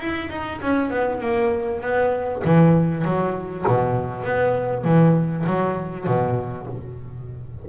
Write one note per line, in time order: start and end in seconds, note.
0.00 0.29 E4
0.29 0.60 D#4
0.61 0.90 C#4
0.90 1.20 B3
1.20 1.81 A#3
1.81 2.42 B3
2.44 3.04 E3
3.04 3.65 F#3
3.67 4.23 B2
4.23 4.84 B3
4.84 5.44 E3
5.46 6.06 F#3
6.06 6.67 B2